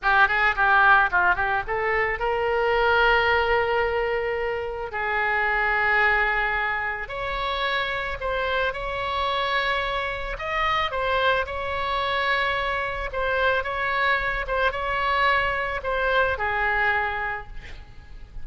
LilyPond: \new Staff \with { instrumentName = "oboe" } { \time 4/4 \tempo 4 = 110 g'8 gis'8 g'4 f'8 g'8 a'4 | ais'1~ | ais'4 gis'2.~ | gis'4 cis''2 c''4 |
cis''2. dis''4 | c''4 cis''2. | c''4 cis''4. c''8 cis''4~ | cis''4 c''4 gis'2 | }